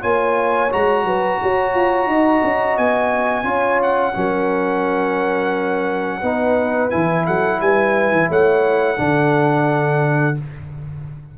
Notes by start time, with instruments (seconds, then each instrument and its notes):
0.00 tuba A#3, trombone F4, horn C#5, trumpet G#5
0.70 tuba G#3, trombone F#4, trumpet A#5
1.04 tuba F#3, horn B4
1.42 tuba F#4, horn C#5
1.74 tuba F4
2.06 tuba D#4, horn D#5
2.43 tuba C#4
2.77 tuba B3, trumpet G#5
3.44 tuba C#4, trombone F4, horn C#5
3.82 trumpet F#5
4.14 tuba F#3, trombone C#4, horn A#4
6.20 tuba B3, trombone D#4, horn B4
6.90 tuba E3, trombone E4, trumpet G#5
7.26 tuba F#3, horn A4, trumpet F#5
7.60 tuba G3, horn B4, trumpet G#5
8.11 tuba E3
8.29 tuba A3, horn C#5, trumpet F#5
8.96 tuba D3, trombone D4, horn A4